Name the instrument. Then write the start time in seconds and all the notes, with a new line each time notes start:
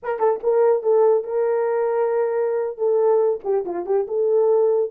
horn
0.02 A#4
0.19 A4
0.43 A#4
0.82 A4
1.23 A#4
2.77 A4
3.44 G4
3.65 F4
3.85 G4
4.07 A4